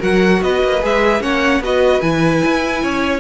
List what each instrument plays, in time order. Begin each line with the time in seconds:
0.00 cello F#3, viola F#4, violin A#4 F#5
0.43 cello B3, violin B4 D#5
0.64 cello A#3
0.82 cello G#3, viola G#4, violin E5
1.21 cello A#3, viola C#4, violin C#5 F#5
1.60 cello B3, viola F#4, violin B4 D#5
2.02 cello E3, viola E4, violin G#5
2.46 cello E4
2.83 cello C#4, violin C#5